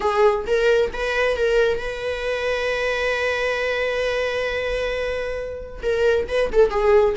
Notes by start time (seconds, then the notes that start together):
0.00 G#4
0.46 A#4
0.93 B4
1.36 A#4
1.78 B4
5.82 A#4
6.28 B4
6.52 A4
6.70 G#4